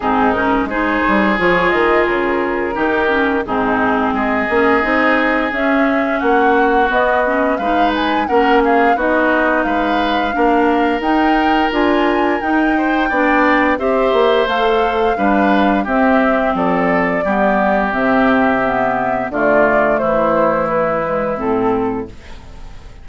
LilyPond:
<<
  \new Staff \with { instrumentName = "flute" } { \time 4/4 \tempo 4 = 87 gis'8 ais'8 c''4 cis''8 dis''8 ais'4~ | ais'4 gis'4 dis''2 | e''4 fis''4 dis''4 f''8 gis''8 | fis''8 f''8 dis''4 f''2 |
g''4 gis''4 g''2 | e''4 f''2 e''4 | d''2 e''2 | d''4 c''4 b'4 a'4 | }
  \new Staff \with { instrumentName = "oboe" } { \time 4/4 dis'4 gis'2. | g'4 dis'4 gis'2~ | gis'4 fis'2 b'4 | ais'8 gis'8 fis'4 b'4 ais'4~ |
ais'2~ ais'8 c''8 d''4 | c''2 b'4 g'4 | a'4 g'2. | f'4 e'2. | }
  \new Staff \with { instrumentName = "clarinet" } { \time 4/4 c'8 cis'8 dis'4 f'2 | dis'8 cis'8 c'4. cis'8 dis'4 | cis'2 b8 cis'8 dis'4 | cis'4 dis'2 d'4 |
dis'4 f'4 dis'4 d'4 | g'4 a'4 d'4 c'4~ | c'4 b4 c'4 b4 | a2~ a8 gis8 c'4 | }
  \new Staff \with { instrumentName = "bassoon" } { \time 4/4 gis,4 gis8 g8 f8 dis8 cis4 | dis4 gis,4 gis8 ais8 c'4 | cis'4 ais4 b4 gis4 | ais4 b4 gis4 ais4 |
dis'4 d'4 dis'4 b4 | c'8 ais8 a4 g4 c'4 | f4 g4 c2 | d4 e2 a,4 | }
>>